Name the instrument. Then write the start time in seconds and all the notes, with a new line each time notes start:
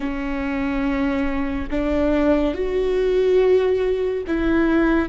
viola
0.00 C#4
1.70 D4
2.54 F#4
4.27 E4